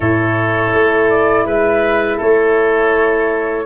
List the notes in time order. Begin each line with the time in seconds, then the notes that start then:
0.00 A2 E4 A4 C#5
0.73 A3
1.09 D5
1.45 G#3 B4 E5
2.17 A3 A4 C#5